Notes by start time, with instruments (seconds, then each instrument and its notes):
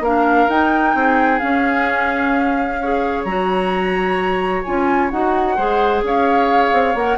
0.00 bassoon A#3, clarinet D4, oboe A#4, flute F5
0.48 bassoon D#4, clarinet D#4, flute G5
0.94 bassoon C4, oboe G#4
1.39 clarinet C#4, bassoon C#4, flute F5
2.81 clarinet G#4, oboe C#5
3.24 bassoon F#3, clarinet F#4, flute A#5
4.63 bassoon C#4, clarinet F4, flute G#5
5.10 bassoon D#4, clarinet F#4, flute F#5
5.56 bassoon G#3, clarinet G#4, oboe C5
6.02 bassoon C#4, oboe C#5, flute F5
6.72 bassoon C4
6.94 bassoon A#3, clarinet A#4, flute F#5